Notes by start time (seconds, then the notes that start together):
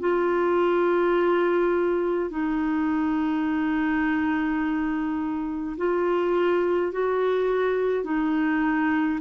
0.00 F4
2.30 D#4
5.77 F4
6.92 F#4
8.04 D#4